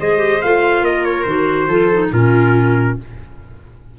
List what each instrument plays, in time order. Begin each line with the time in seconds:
0.00 tuba G#3, clarinet G#4, viola C5, trumpet D#5
0.18 clarinet G4
0.42 tuba A3, clarinet F4, trumpet F5
0.82 tuba A#3, viola A#4, trumpet D#5
1.05 trumpet C#5
1.23 tuba D#3, clarinet F#4, trumpet C5
1.68 tuba F3, clarinet F4, viola A4
1.93 clarinet D#4
2.12 tuba A#2, clarinet C#4, viola F4, trumpet A#4